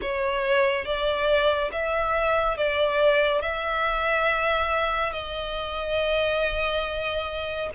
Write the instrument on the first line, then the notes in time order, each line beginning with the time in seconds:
violin
0.01 C#5
0.85 D5
1.72 E5
2.57 D5
3.41 E5
5.12 D#5